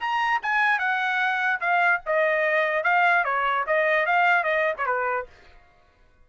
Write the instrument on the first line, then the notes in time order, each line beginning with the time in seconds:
trumpet
0.00 A#5
0.43 G#5
0.79 F#5
1.61 F5
2.06 D#5
2.84 F5
3.25 C#5
3.67 D#5
4.06 F5
4.44 D#5
4.77 C#5
4.86 B4